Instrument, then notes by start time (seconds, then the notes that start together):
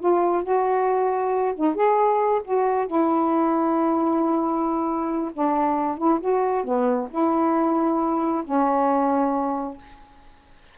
saxophone
0.00 F4
0.44 F#4
1.56 D#4
1.75 G#4
2.45 F#4
2.87 E4
5.34 D4
5.98 E4
6.21 F#4
6.64 B3
7.11 E4
8.45 C#4